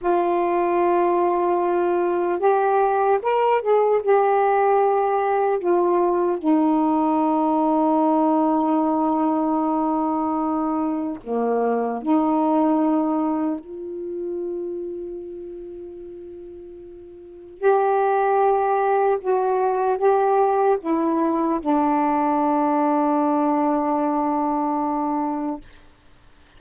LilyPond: \new Staff \with { instrumentName = "saxophone" } { \time 4/4 \tempo 4 = 75 f'2. g'4 | ais'8 gis'8 g'2 f'4 | dis'1~ | dis'2 ais4 dis'4~ |
dis'4 f'2.~ | f'2 g'2 | fis'4 g'4 e'4 d'4~ | d'1 | }